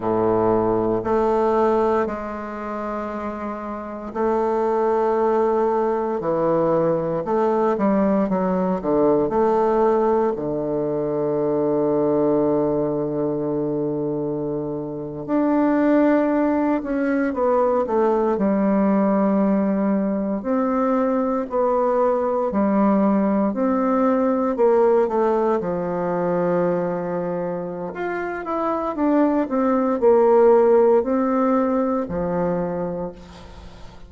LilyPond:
\new Staff \with { instrumentName = "bassoon" } { \time 4/4 \tempo 4 = 58 a,4 a4 gis2 | a2 e4 a8 g8 | fis8 d8 a4 d2~ | d2~ d8. d'4~ d'16~ |
d'16 cis'8 b8 a8 g2 c'16~ | c'8. b4 g4 c'4 ais16~ | ais16 a8 f2~ f16 f'8 e'8 | d'8 c'8 ais4 c'4 f4 | }